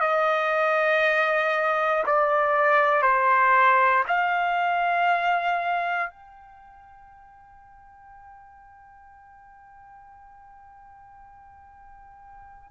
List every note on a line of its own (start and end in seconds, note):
0.00 2.03 D#5
2.06 3.02 D5
3.02 4.04 C5
4.08 6.10 F5
6.10 12.71 G5